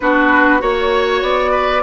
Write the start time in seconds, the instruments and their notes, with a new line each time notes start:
0.00 bassoon B3, clarinet D4, oboe F#4, flute B4
0.59 bassoon A#3, clarinet F#4, flute C#5, oboe C#5
1.22 bassoon B3, flute D5
1.51 oboe B4